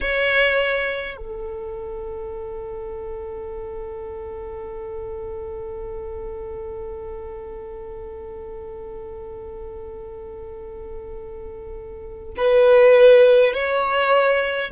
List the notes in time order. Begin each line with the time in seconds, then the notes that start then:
0.01 C#5
1.17 A4
12.36 B4
13.53 C#5